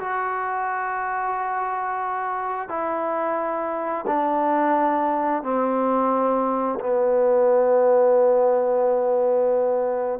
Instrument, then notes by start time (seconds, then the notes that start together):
trombone
0.00 F#4
2.69 E4
4.07 D4
5.44 C4
6.81 B3